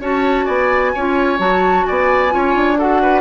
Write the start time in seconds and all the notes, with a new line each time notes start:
0.00 C#4 F#4 C#5 A5
0.45 B3 D5 G#5
0.94 C#4 F4 C#5
1.38 F#3 F#4 A5
1.86 B3 D5 G#5
2.29 C#4 F4 C#5
2.55 D4
2.78 F#4 A4 F#5
3.02 B4